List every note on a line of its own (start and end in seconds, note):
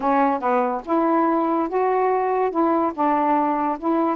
0.00 0.40 C#4
0.40 0.81 B3
0.85 1.68 E4
1.69 2.51 F#4
2.51 2.92 E4
2.94 3.77 D4
3.78 4.16 E4